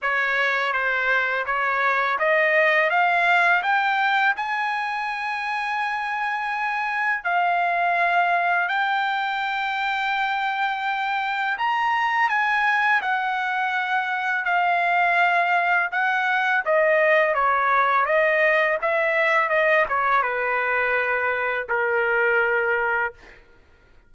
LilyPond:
\new Staff \with { instrumentName = "trumpet" } { \time 4/4 \tempo 4 = 83 cis''4 c''4 cis''4 dis''4 | f''4 g''4 gis''2~ | gis''2 f''2 | g''1 |
ais''4 gis''4 fis''2 | f''2 fis''4 dis''4 | cis''4 dis''4 e''4 dis''8 cis''8 | b'2 ais'2 | }